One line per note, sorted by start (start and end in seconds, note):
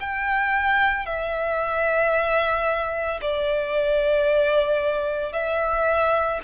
0.00 1.06 G5
1.06 3.20 E5
3.21 5.32 D5
5.32 6.39 E5